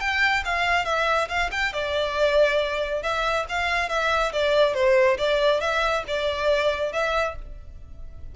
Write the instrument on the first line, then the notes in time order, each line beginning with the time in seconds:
violin
0.00 G5
0.45 F5
0.85 E5
1.29 F5
1.51 G5
1.73 D5
3.02 E5
3.49 F5
3.89 E5
4.32 D5
4.74 C5
5.18 D5
5.61 E5
6.07 D5
6.92 E5